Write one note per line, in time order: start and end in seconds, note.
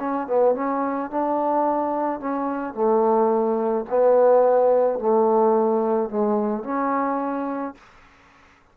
0.00 0.28 C#4
0.28 0.55 B3
0.55 1.11 C#4
1.11 2.20 D4
2.20 2.74 C#4
2.74 3.86 A3
3.90 5.00 B3
5.00 6.10 A3
6.10 6.64 G#3
6.64 7.75 C#4